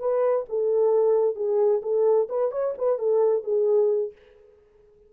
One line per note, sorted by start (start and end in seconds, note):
0.00 0.46 B4
0.49 1.36 A4
1.36 1.82 G#4
1.83 2.28 A4
2.29 2.52 B4
2.52 2.75 C#5
2.78 2.99 B4
2.99 3.44 A4
3.44 4.13 G#4